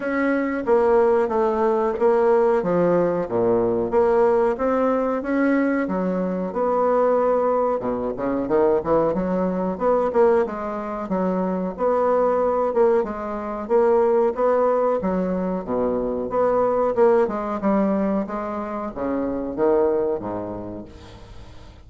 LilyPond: \new Staff \with { instrumentName = "bassoon" } { \time 4/4 \tempo 4 = 92 cis'4 ais4 a4 ais4 | f4 ais,4 ais4 c'4 | cis'4 fis4 b2 | b,8 cis8 dis8 e8 fis4 b8 ais8 |
gis4 fis4 b4. ais8 | gis4 ais4 b4 fis4 | b,4 b4 ais8 gis8 g4 | gis4 cis4 dis4 gis,4 | }